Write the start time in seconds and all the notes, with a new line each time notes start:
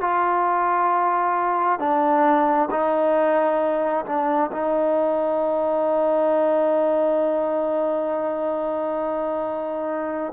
0.00 F4
1.79 D4
2.70 D#4
4.05 D4
4.51 D#4